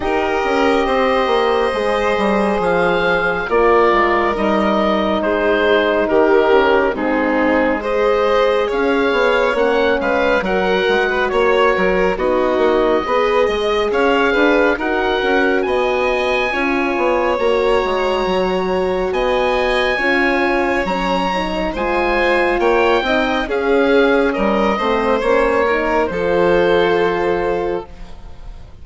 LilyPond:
<<
  \new Staff \with { instrumentName = "oboe" } { \time 4/4 \tempo 4 = 69 dis''2. f''4 | d''4 dis''4 c''4 ais'4 | gis'4 dis''4 f''4 fis''8 f''8 | fis''4 cis''4 dis''2 |
f''4 fis''4 gis''2 | ais''2 gis''2 | ais''4 gis''4 g''4 f''4 | dis''4 cis''4 c''2 | }
  \new Staff \with { instrumentName = "violin" } { \time 4/4 ais'4 c''2. | ais'2 gis'4 g'4 | dis'4 c''4 cis''4. b'8 | ais'8. b'16 cis''8 ais'8 fis'4 b'8 dis''8 |
cis''8 b'8 ais'4 dis''4 cis''4~ | cis''2 dis''4 cis''4~ | cis''4 c''4 cis''8 dis''8 gis'4 | ais'8 c''4 ais'8 a'2 | }
  \new Staff \with { instrumentName = "horn" } { \time 4/4 g'2 gis'2 | f'4 dis'2~ dis'8 cis'8 | c'4 gis'2 cis'4 | fis'2 dis'4 gis'4~ |
gis'4 fis'2 f'4 | fis'2. f'4 | cis'8 dis'8 f'4. dis'8 cis'4~ | cis'8 c'8 cis'8 dis'8 f'2 | }
  \new Staff \with { instrumentName = "bassoon" } { \time 4/4 dis'8 cis'8 c'8 ais8 gis8 g8 f4 | ais8 gis8 g4 gis4 dis4 | gis2 cis'8 b8 ais8 gis8 | fis8 gis8 ais8 fis8 b8 ais8 b8 gis8 |
cis'8 d'8 dis'8 cis'8 b4 cis'8 b8 | ais8 gis8 fis4 b4 cis'4 | fis4 gis4 ais8 c'8 cis'4 | g8 a8 ais4 f2 | }
>>